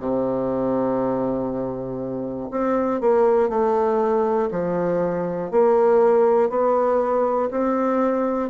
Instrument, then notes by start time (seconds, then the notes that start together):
bassoon
0.00 C3
2.51 C4
3.00 A#3
3.49 A3
4.51 F3
5.51 A#3
6.50 B3
7.51 C4